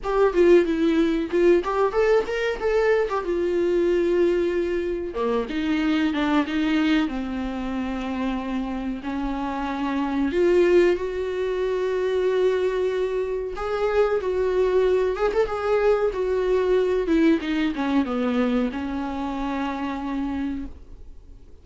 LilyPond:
\new Staff \with { instrumentName = "viola" } { \time 4/4 \tempo 4 = 93 g'8 f'8 e'4 f'8 g'8 a'8 ais'8 | a'8. g'16 f'2. | ais8 dis'4 d'8 dis'4 c'4~ | c'2 cis'2 |
f'4 fis'2.~ | fis'4 gis'4 fis'4. gis'16 a'16 | gis'4 fis'4. e'8 dis'8 cis'8 | b4 cis'2. | }